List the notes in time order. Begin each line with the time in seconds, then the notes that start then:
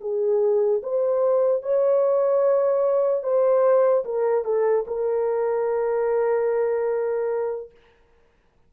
0.00 G#4
0.83 C5
1.62 C#5
3.23 C5
4.04 A#4
4.44 A4
4.87 A#4